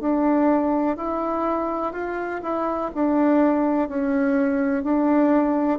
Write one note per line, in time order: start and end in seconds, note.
0.00 0.97 D4
0.97 1.93 E4
1.93 2.41 F4
2.42 2.91 E4
2.95 3.89 D4
3.89 4.83 C#4
4.83 5.79 D4